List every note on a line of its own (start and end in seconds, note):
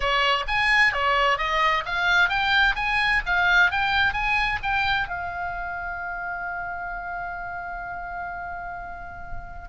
0.00 0.45 C#5
0.47 0.92 G#5
0.92 1.37 C#5
1.37 1.84 D#5
1.85 2.29 F5
2.29 2.75 G5
2.75 3.22 G#5
3.26 3.71 F5
3.71 4.13 G5
4.13 4.59 G#5
4.63 5.08 G5
5.08 9.69 F5